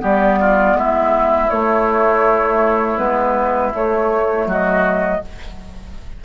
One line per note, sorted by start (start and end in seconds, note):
0.00 0.74 G3
0.00 1.48 B3
0.00 0.39 G4
0.00 0.77 D5
0.40 0.77 F4
0.74 1.48 G#3
0.74 4.48 E4
0.74 1.50 E5
1.50 2.98 A3
1.50 2.98 C#5
2.98 3.72 G#3
2.98 3.72 B3
2.98 3.72 B4
3.74 5.22 A3
3.74 4.46 A3
3.74 4.49 C#5
4.46 5.20 F#3
4.46 5.22 F#4
4.46 5.25 D#5